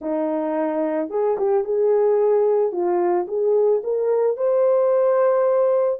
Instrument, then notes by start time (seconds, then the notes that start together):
horn
0.01 D#4
1.09 G#4
1.37 G4
1.64 G#4
2.71 F4
3.27 G#4
3.83 A#4
4.36 C5